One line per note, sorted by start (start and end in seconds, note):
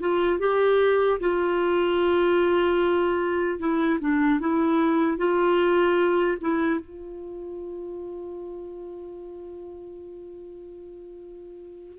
0.00 0.39 F4
0.39 1.19 G4
1.20 3.59 F4
3.59 3.99 E4
4.00 4.40 D4
4.40 5.17 E4
5.17 6.37 F4
6.41 6.80 E4
6.80 11.99 F4